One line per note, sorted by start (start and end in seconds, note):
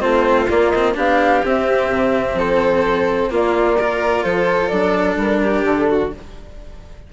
0.00 0.50 A3
0.00 0.47 C4
0.00 0.95 F4
0.00 0.48 C5
0.49 0.73 A#3
0.49 0.96 A#3
0.49 0.70 D5
0.70 0.94 C4
0.70 0.93 D#5
0.94 1.43 B3
0.94 1.41 D4
0.94 2.36 G4
0.94 1.45 F5
1.44 1.90 C4
1.44 3.29 C4
1.44 2.39 E5
1.90 2.34 C3
2.34 3.27 F3
2.34 3.31 A4
2.34 3.33 C5
3.29 3.76 A#3
3.29 4.24 A#3
3.29 3.78 F4
3.29 4.24 D5
3.78 4.72 F4
3.78 4.24 A#4
4.24 4.71 F3
4.24 5.41 A4
4.24 4.68 C5
4.68 5.17 F#3
4.68 6.13 D4
4.68 5.15 D5
5.17 5.63 G3
5.17 5.66 A#4
5.42 5.89 G4
5.64 6.11 D3
5.64 6.12 A4
5.90 6.13 F#4